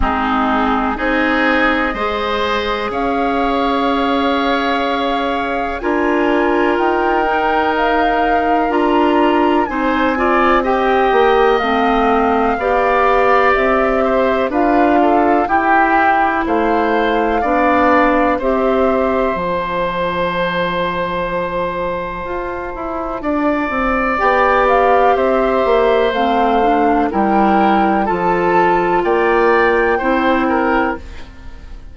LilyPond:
<<
  \new Staff \with { instrumentName = "flute" } { \time 4/4 \tempo 4 = 62 gis'4 dis''2 f''4~ | f''2 gis''4 g''4 | f''4 ais''4 gis''4 g''4 | f''2 e''4 f''4 |
g''4 f''2 e''4 | a''1~ | a''4 g''8 f''8 e''4 f''4 | g''4 a''4 g''2 | }
  \new Staff \with { instrumentName = "oboe" } { \time 4/4 dis'4 gis'4 c''4 cis''4~ | cis''2 ais'2~ | ais'2 c''8 d''8 dis''4~ | dis''4 d''4. c''8 b'8 a'8 |
g'4 c''4 d''4 c''4~ | c''1 | d''2 c''2 | ais'4 a'4 d''4 c''8 ais'8 | }
  \new Staff \with { instrumentName = "clarinet" } { \time 4/4 c'4 dis'4 gis'2~ | gis'2 f'4. dis'8~ | dis'4 f'4 dis'8 f'8 g'4 | c'4 g'2 f'4 |
e'2 d'4 g'4 | f'1~ | f'4 g'2 c'8 d'8 | e'4 f'2 e'4 | }
  \new Staff \with { instrumentName = "bassoon" } { \time 4/4 gis4 c'4 gis4 cis'4~ | cis'2 d'4 dis'4~ | dis'4 d'4 c'4. ais8 | a4 b4 c'4 d'4 |
e'4 a4 b4 c'4 | f2. f'8 e'8 | d'8 c'8 b4 c'8 ais8 a4 | g4 f4 ais4 c'4 | }
>>